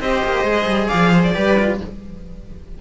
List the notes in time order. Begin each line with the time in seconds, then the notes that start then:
0.00 C4 G4 C5 D#5
0.25 A#3
0.43 G#3 G#4
0.66 G3
0.88 F3 D5 F5
1.13 C5
1.23 D5
1.34 G3 G4 B4
1.58 F4